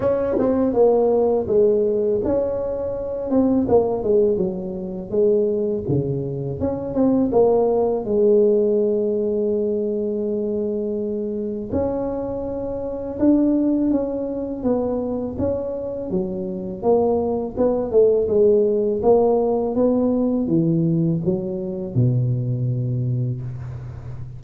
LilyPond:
\new Staff \with { instrumentName = "tuba" } { \time 4/4 \tempo 4 = 82 cis'8 c'8 ais4 gis4 cis'4~ | cis'8 c'8 ais8 gis8 fis4 gis4 | cis4 cis'8 c'8 ais4 gis4~ | gis1 |
cis'2 d'4 cis'4 | b4 cis'4 fis4 ais4 | b8 a8 gis4 ais4 b4 | e4 fis4 b,2 | }